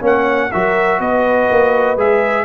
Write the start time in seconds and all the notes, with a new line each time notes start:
0.00 A#3 C#4 C#5
0.06 F#5
0.52 F#3 F#4 A#4 E5
1.00 B3 B4 D#5
1.51 A#3
1.97 G#3 G#4 E5